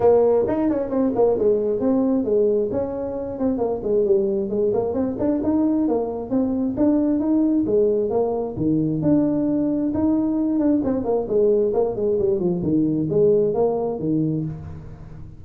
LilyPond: \new Staff \with { instrumentName = "tuba" } { \time 4/4 \tempo 4 = 133 ais4 dis'8 cis'8 c'8 ais8 gis4 | c'4 gis4 cis'4. c'8 | ais8 gis8 g4 gis8 ais8 c'8 d'8 | dis'4 ais4 c'4 d'4 |
dis'4 gis4 ais4 dis4 | d'2 dis'4. d'8 | c'8 ais8 gis4 ais8 gis8 g8 f8 | dis4 gis4 ais4 dis4 | }